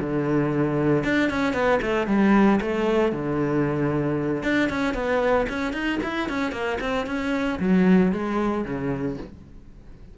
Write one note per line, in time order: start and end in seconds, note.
0.00 1.04 D3
1.04 1.29 D4
1.29 1.53 C#4
1.53 1.79 B3
1.82 2.07 A3
2.07 2.59 G3
2.61 3.12 A3
3.12 4.43 D3
4.43 4.69 D4
4.69 4.94 C#4
4.94 5.46 B3
5.49 5.72 C#4
5.72 5.99 D#4
6.02 6.28 E4
6.28 6.51 C#4
6.51 6.78 A#3
6.80 7.06 C4
7.06 7.59 C#4
7.59 8.12 F#3
8.12 8.64 G#3
8.64 9.17 C#3